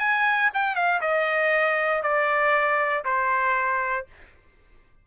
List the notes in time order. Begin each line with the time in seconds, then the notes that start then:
0.00 G#5
0.54 G5
0.76 F5
1.02 D#5
2.03 D5
3.05 C5